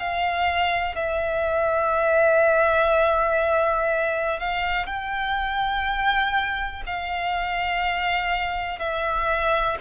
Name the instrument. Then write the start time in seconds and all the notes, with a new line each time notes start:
violin
0.00 F5
0.96 E5
4.40 F5
4.86 G5
6.87 F5
8.80 E5